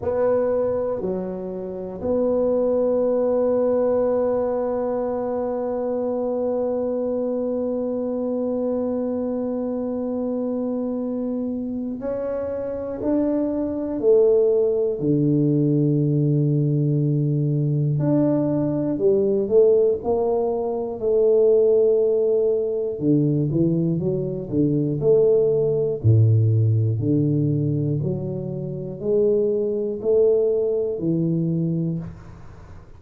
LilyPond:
\new Staff \with { instrumentName = "tuba" } { \time 4/4 \tempo 4 = 60 b4 fis4 b2~ | b1~ | b1 | cis'4 d'4 a4 d4~ |
d2 d'4 g8 a8 | ais4 a2 d8 e8 | fis8 d8 a4 a,4 d4 | fis4 gis4 a4 e4 | }